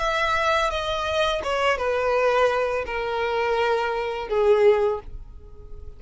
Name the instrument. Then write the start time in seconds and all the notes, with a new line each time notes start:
violin
0.00 E5
0.71 D#5
1.44 C#5
1.78 B4
2.87 A#4
4.29 G#4